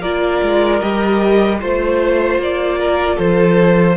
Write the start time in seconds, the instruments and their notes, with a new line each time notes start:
0.00 cello A#3, viola F4, violin A#4 D5
0.42 cello G#3
0.80 cello G3, viola G4, violin D#5
1.60 cello A3, viola F4, violin C5
2.38 cello A#3, violin D5
2.79 violin A#4
3.15 cello F3, violin A4 C5